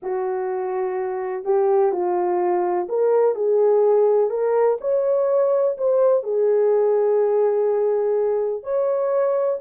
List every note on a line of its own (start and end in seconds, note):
0.02 1.44 F#4
1.44 1.91 G4
1.91 2.87 F4
2.88 3.35 A#4
3.35 4.29 G#4
4.29 4.77 A#4
4.80 5.76 C#5
5.77 6.23 C5
6.23 8.63 G#4
8.63 9.59 C#5